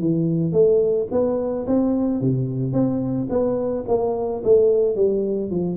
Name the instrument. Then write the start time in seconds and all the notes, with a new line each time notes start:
tuba
0.00 E3
0.53 A3
1.11 B3
1.67 C4
2.21 C3
2.73 C4
3.30 B3
3.88 A#3
4.44 A3
4.96 G3
5.51 F3